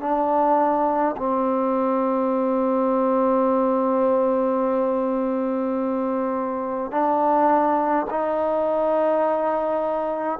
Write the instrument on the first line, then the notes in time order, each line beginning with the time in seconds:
trombone
0.00 D4
1.17 C4
6.91 D4
8.10 D#4